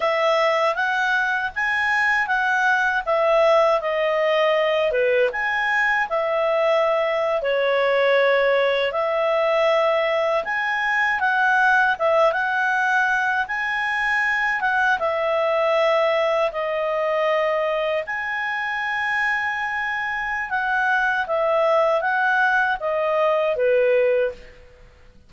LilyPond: \new Staff \with { instrumentName = "clarinet" } { \time 4/4 \tempo 4 = 79 e''4 fis''4 gis''4 fis''4 | e''4 dis''4. b'8 gis''4 | e''4.~ e''16 cis''2 e''16~ | e''4.~ e''16 gis''4 fis''4 e''16~ |
e''16 fis''4. gis''4. fis''8 e''16~ | e''4.~ e''16 dis''2 gis''16~ | gis''2. fis''4 | e''4 fis''4 dis''4 b'4 | }